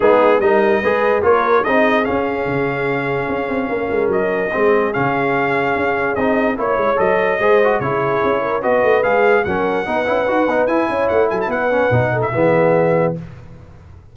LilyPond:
<<
  \new Staff \with { instrumentName = "trumpet" } { \time 4/4 \tempo 4 = 146 gis'4 dis''2 cis''4 | dis''4 f''2.~ | f''2 dis''2 | f''2. dis''4 |
cis''4 dis''2 cis''4~ | cis''4 dis''4 f''4 fis''4~ | fis''2 gis''4 fis''8 gis''16 a''16 | fis''4.~ fis''16 e''2~ e''16 | }
  \new Staff \with { instrumentName = "horn" } { \time 4/4 dis'4 ais'4 b'4 ais'4 | gis'1~ | gis'4 ais'2 gis'4~ | gis'1 |
cis''2 c''4 gis'4~ | gis'8 ais'8 b'2 ais'4 | b'2~ b'8 cis''4 a'8 | b'4. a'8 gis'2 | }
  \new Staff \with { instrumentName = "trombone" } { \time 4/4 b4 dis'4 gis'4 f'4 | dis'4 cis'2.~ | cis'2. c'4 | cis'2. dis'4 |
e'4 a'4 gis'8 fis'8 e'4~ | e'4 fis'4 gis'4 cis'4 | dis'8 e'8 fis'8 dis'8 e'2~ | e'8 cis'8 dis'4 b2 | }
  \new Staff \with { instrumentName = "tuba" } { \time 4/4 gis4 g4 gis4 ais4 | c'4 cis'4 cis2 | cis'8 c'8 ais8 gis8 fis4 gis4 | cis2 cis'4 c'4 |
ais8 gis8 fis4 gis4 cis4 | cis'4 b8 a8 gis4 fis4 | b8 cis'8 dis'8 b8 e'8 cis'8 a8 fis8 | b4 b,4 e2 | }
>>